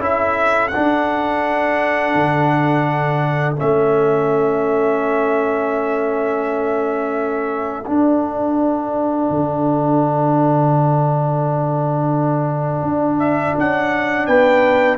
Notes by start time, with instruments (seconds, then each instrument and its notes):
0.00 tuba C#4, trombone E4, horn A4, trumpet E5
0.69 trombone D4, trumpet F#5
0.77 tuba D4
2.15 tuba D3
3.57 tuba A3, trombone C#4, trumpet E5
7.86 trombone D4, tuba D4, trumpet F#5
9.30 tuba D3
12.83 tuba D4
13.20 trumpet E5
13.58 tuba C#4, trumpet F#5
14.27 tuba B3, horn B4, trumpet G5